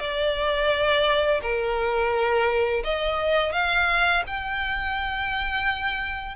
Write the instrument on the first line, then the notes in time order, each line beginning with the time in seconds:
violin
0.00 D5
1.42 A#4
2.84 D#5
3.53 F5
4.27 G5